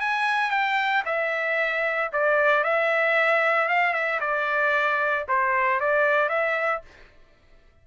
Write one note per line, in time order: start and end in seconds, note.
0.00 0.50 G#5
0.50 1.03 G5
1.06 2.11 E5
2.12 2.64 D5
2.64 3.68 E5
3.68 3.93 F5
3.93 4.20 E5
4.20 5.26 D5
5.28 5.80 C5
5.80 6.29 D5
6.29 6.82 E5